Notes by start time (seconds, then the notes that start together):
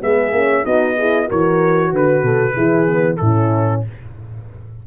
0.00 G#3 B3 G#4 E5
0.32 A#3 C#4
0.64 B3 D#4 F#4 D#5
0.97 E4 G#4
1.26 E3 F#4 A#4 C#5
1.92 D3 B4
2.23 B2 A4
2.54 E3 E4 G#4
2.87 B3
3.17 A2 E4 A4
3.23 C#4